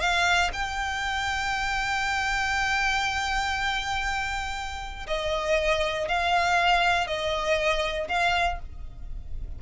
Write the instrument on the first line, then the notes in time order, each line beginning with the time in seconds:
violin
0.00 F5
0.53 G5
5.07 D#5
6.08 F5
7.07 D#5
8.08 F5